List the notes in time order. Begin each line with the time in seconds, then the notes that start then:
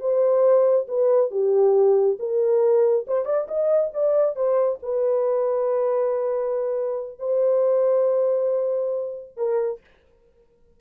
0.00 C5
0.88 B4
1.31 G4
2.19 A#4
3.07 C5
3.25 D5
3.48 D#5
3.93 D5
4.35 C5
4.82 B4
7.19 C5
9.37 A#4